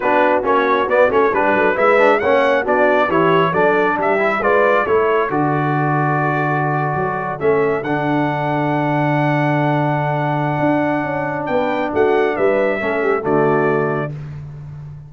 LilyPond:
<<
  \new Staff \with { instrumentName = "trumpet" } { \time 4/4 \tempo 4 = 136 b'4 cis''4 d''8 cis''8 b'4 | e''4 fis''4 d''4 cis''4 | d''4 e''4 d''4 cis''4 | d''1~ |
d''8. e''4 fis''2~ fis''16~ | fis''1~ | fis''2 g''4 fis''4 | e''2 d''2 | }
  \new Staff \with { instrumentName = "horn" } { \time 4/4 fis'2. g'8 a'8 | b'4 cis''4 fis'4 g'4 | a'4 g'4 b'4 a'4~ | a'1~ |
a'1~ | a'1~ | a'2 b'4 fis'4 | b'4 a'8 g'8 fis'2 | }
  \new Staff \with { instrumentName = "trombone" } { \time 4/4 d'4 cis'4 b8 cis'8 d'4 | e'8 d'8 cis'4 d'4 e'4 | d'4. e'8 f'4 e'4 | fis'1~ |
fis'8. cis'4 d'2~ d'16~ | d'1~ | d'1~ | d'4 cis'4 a2 | }
  \new Staff \with { instrumentName = "tuba" } { \time 4/4 b4 ais4 b8 a8 g8 fis8 | gis4 ais4 b4 e4 | fis4 g4 gis4 a4 | d2.~ d8. fis16~ |
fis8. a4 d2~ d16~ | d1 | d'4 cis'4 b4 a4 | g4 a4 d2 | }
>>